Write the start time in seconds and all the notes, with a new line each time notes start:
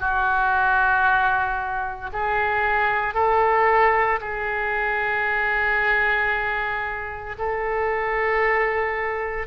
0.00 F#4
2.13 G#4
3.14 A4
4.21 G#4
7.38 A4